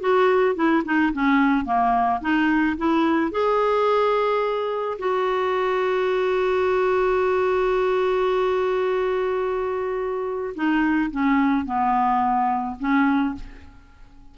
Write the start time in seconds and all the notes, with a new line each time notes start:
0.00 F#4
0.55 E4
0.85 D#4
1.13 C#4
1.65 A#3
2.21 D#4
2.77 E4
3.31 G#4
4.98 F#4
10.55 D#4
11.11 C#4
11.65 B3
12.79 C#4